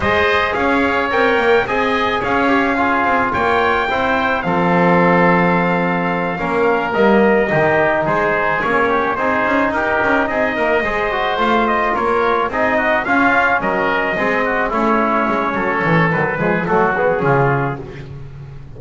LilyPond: <<
  \new Staff \with { instrumentName = "trumpet" } { \time 4/4 \tempo 4 = 108 dis''4 f''4 g''4 gis''4 | f''2 g''2 | f''1~ | f''8 dis''2 c''4 cis''8~ |
cis''8 c''4 ais'4 dis''4.~ | dis''8 f''8 dis''8 cis''4 dis''4 f''8~ | f''8 dis''2 cis''4.~ | cis''4 b'4 a'8 gis'4. | }
  \new Staff \with { instrumentName = "oboe" } { \time 4/4 c''4 cis''2 dis''4 | cis''4 gis'4 cis''4 c''4 | a'2.~ a'8 ais'8~ | ais'4. g'4 gis'4. |
g'8 gis'4 g'4 gis'8 ais'8 c''8~ | c''4. ais'4 gis'8 fis'8 f'8~ | f'8 ais'4 gis'8 fis'8 e'4. | a'4. gis'8 fis'4 f'4 | }
  \new Staff \with { instrumentName = "trombone" } { \time 4/4 gis'2 ais'4 gis'4~ | gis'8 g'8 f'2 e'4 | c'2.~ c'8 cis'8~ | cis'8 ais4 dis'2 cis'8~ |
cis'8 dis'2. gis'8 | fis'8 f'2 dis'4 cis'8~ | cis'4. c'4 cis'4.~ | cis'4 fis8 gis8 a8 b8 cis'4 | }
  \new Staff \with { instrumentName = "double bass" } { \time 4/4 gis4 cis'4 c'8 ais8 c'4 | cis'4. c'8 ais4 c'4 | f2.~ f8 ais8~ | ais8 g4 dis4 gis4 ais8~ |
ais8 c'8 cis'8 dis'8 cis'8 c'8 ais8 gis8~ | gis8 a4 ais4 c'4 cis'8~ | cis'8 fis4 gis4 a4 gis8 | fis8 e8 dis8 f8 fis4 cis4 | }
>>